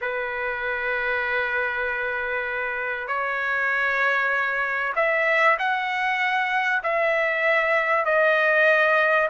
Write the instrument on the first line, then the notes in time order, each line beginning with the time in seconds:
trumpet
0.01 B4
3.07 C#5
4.95 E5
5.58 F#5
6.83 E5
8.05 D#5